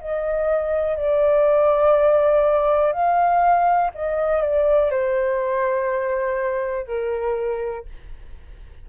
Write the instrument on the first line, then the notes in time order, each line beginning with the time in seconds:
flute
0.00 D#5
0.96 D5
2.92 F5
3.94 D#5
4.41 D5
4.90 C5
6.86 A#4